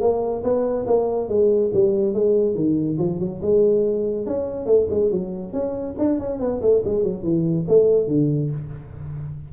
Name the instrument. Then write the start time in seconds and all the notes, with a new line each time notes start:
tuba
0.00 A#3
0.43 B3
0.86 A#3
1.28 G#3
1.73 G3
2.13 G#3
2.55 D#3
2.98 F3
3.19 F#3
3.42 G#3
4.26 C#4
4.66 A3
4.90 G#3
5.11 F#3
5.52 C#4
5.98 D4
6.19 C#4
6.39 B3
6.61 A3
6.85 G#3
7.03 F#3
7.23 E3
7.68 A3
8.07 D3